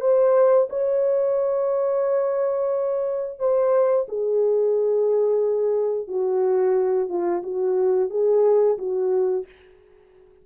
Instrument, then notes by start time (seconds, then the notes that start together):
horn
0.00 C5
0.69 C#5
3.39 C5
4.08 G#4
6.07 F#4
7.08 F4
7.42 F#4
8.10 G#4
8.78 F#4